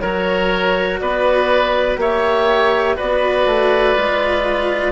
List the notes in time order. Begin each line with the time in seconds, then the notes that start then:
0.00 F#3 F#4 A#4 C#5
0.99 B3 B4 D5
1.97 A#3 G4 C#5 E5
2.96 B3 F#4 B4 D5
3.46 A3
3.95 G#3 F4